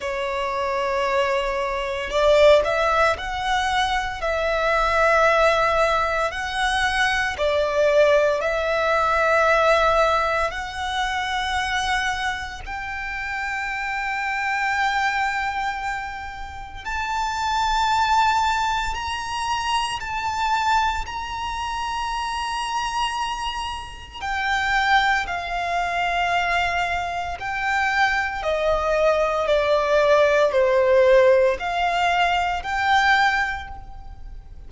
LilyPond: \new Staff \with { instrumentName = "violin" } { \time 4/4 \tempo 4 = 57 cis''2 d''8 e''8 fis''4 | e''2 fis''4 d''4 | e''2 fis''2 | g''1 |
a''2 ais''4 a''4 | ais''2. g''4 | f''2 g''4 dis''4 | d''4 c''4 f''4 g''4 | }